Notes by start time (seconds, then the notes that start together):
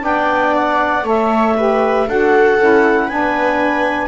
0.00 B3 D4 D5 G5
0.56 F#5
1.04 A3 A4 C#5 E5
1.57 G4 B4
2.08 D4 F#4 A4 F#5
2.59 C#4 E4
3.06 B3 D4 B4 G#5